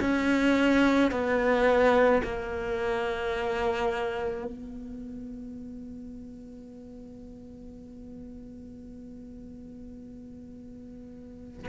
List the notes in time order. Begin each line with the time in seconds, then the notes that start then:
0.00 C#4
1.11 B3
2.23 A#3
4.44 B3